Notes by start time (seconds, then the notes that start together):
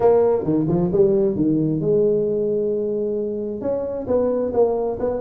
0.00 A#3
0.43 D#3
0.68 F3
0.92 G3
1.35 D#3
1.80 G#3
3.61 C#4
4.07 B3
4.53 A#3
4.99 B3